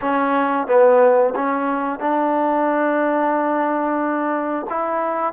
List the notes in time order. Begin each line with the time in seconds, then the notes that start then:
0.01 C#4
0.67 B3
1.35 C#4
1.99 D4
4.69 E4